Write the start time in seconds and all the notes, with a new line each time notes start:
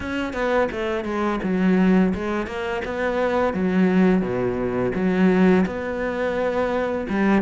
0.00 C#4
0.33 B3
0.71 A3
1.04 G#3
1.43 F#3
2.14 G#3
2.46 A#3
2.84 B3
3.53 F#3
4.21 B2
4.94 F#3
5.66 B3
7.09 G3